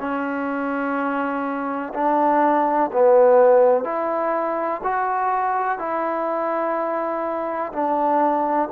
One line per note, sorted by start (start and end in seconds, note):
0.00 1.94 C#4
1.94 2.91 D4
2.93 3.84 B3
3.84 4.81 E4
4.84 5.79 F#4
5.79 7.72 E4
7.73 8.70 D4